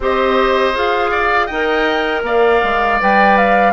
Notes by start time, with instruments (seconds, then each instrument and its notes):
0.00 bassoon C4, clarinet G4, oboe C5, flute D#5
0.73 bassoon F4, clarinet G#4, flute F5
1.10 oboe D5
1.46 bassoon D#4, clarinet A#4, oboe D#5, flute G5
2.22 bassoon A#3, oboe D5, flute F5
2.63 bassoon G#3
3.00 bassoon G3, clarinet B4, flute G5
3.37 flute F5